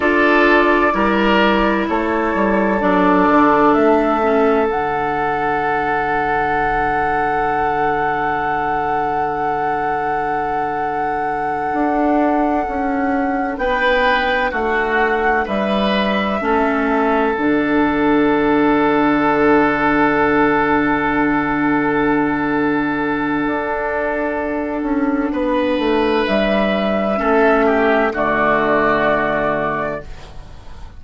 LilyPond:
<<
  \new Staff \with { instrumentName = "flute" } { \time 4/4 \tempo 4 = 64 d''2 cis''4 d''4 | e''4 fis''2.~ | fis''1~ | fis''2~ fis''8 g''4 fis''8~ |
fis''8 e''2 fis''4.~ | fis''1~ | fis''1 | e''2 d''2 | }
  \new Staff \with { instrumentName = "oboe" } { \time 4/4 a'4 ais'4 a'2~ | a'1~ | a'1~ | a'2~ a'8 b'4 fis'8~ |
fis'8 b'4 a'2~ a'8~ | a'1~ | a'2. b'4~ | b'4 a'8 g'8 fis'2 | }
  \new Staff \with { instrumentName = "clarinet" } { \time 4/4 f'4 e'2 d'4~ | d'8 cis'8 d'2.~ | d'1~ | d'1~ |
d'4. cis'4 d'4.~ | d'1~ | d'1~ | d'4 cis'4 a2 | }
  \new Staff \with { instrumentName = "bassoon" } { \time 4/4 d'4 g4 a8 g8 fis8 d8 | a4 d2.~ | d1~ | d8 d'4 cis'4 b4 a8~ |
a8 g4 a4 d4.~ | d1~ | d4 d'4. cis'8 b8 a8 | g4 a4 d2 | }
>>